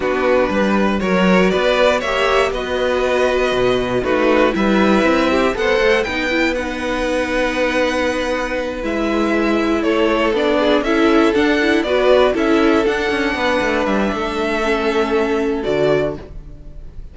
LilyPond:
<<
  \new Staff \with { instrumentName = "violin" } { \time 4/4 \tempo 4 = 119 b'2 cis''4 d''4 | e''4 dis''2. | b'4 e''2 fis''4 | g''4 fis''2.~ |
fis''4. e''2 cis''8~ | cis''8 d''4 e''4 fis''4 d''8~ | d''8 e''4 fis''2 e''8~ | e''2. d''4 | }
  \new Staff \with { instrumentName = "violin" } { \time 4/4 fis'4 b'4 ais'4 b'4 | cis''4 b'2. | fis'4 b'4. g'8 c''4 | b'1~ |
b'2.~ b'8 a'8~ | a'4 gis'8 a'2 b'8~ | b'8 a'2 b'4. | a'1 | }
  \new Staff \with { instrumentName = "viola" } { \time 4/4 d'2 fis'2 | g'4 fis'2. | dis'4 e'2 a'4 | dis'8 e'8 dis'2.~ |
dis'4. e'2~ e'8~ | e'8 d'4 e'4 d'8 e'8 fis'8~ | fis'8 e'4 d'2~ d'8~ | d'4 cis'2 fis'4 | }
  \new Staff \with { instrumentName = "cello" } { \time 4/4 b4 g4 fis4 b4 | ais4 b2 b,4 | a4 g4 c'4 b8 a8 | b1~ |
b4. gis2 a8~ | a8 b4 cis'4 d'4 b8~ | b8 cis'4 d'8 cis'8 b8 a8 g8 | a2. d4 | }
>>